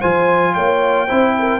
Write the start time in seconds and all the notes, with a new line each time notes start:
0.00 F3 F4 C5 G#5
0.54 A#3 C#5 G5
1.07 C4 E4 C5
1.38 A#4